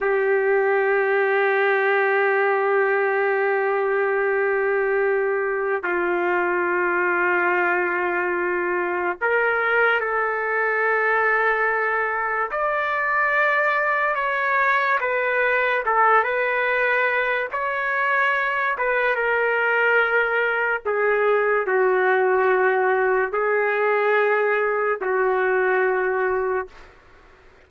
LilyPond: \new Staff \with { instrumentName = "trumpet" } { \time 4/4 \tempo 4 = 72 g'1~ | g'2. f'4~ | f'2. ais'4 | a'2. d''4~ |
d''4 cis''4 b'4 a'8 b'8~ | b'4 cis''4. b'8 ais'4~ | ais'4 gis'4 fis'2 | gis'2 fis'2 | }